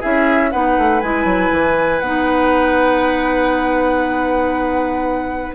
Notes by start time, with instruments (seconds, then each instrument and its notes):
0.00 bassoon C#4, clarinet E4, oboe G#4, flute E5
0.51 bassoon B3, clarinet D#4, oboe B4, flute F#5
0.78 bassoon A3
1.01 bassoon G#3, clarinet E4, flute G#5
1.25 bassoon F#3
1.52 bassoon E3
1.99 bassoon B3, clarinet D#4, flute F#5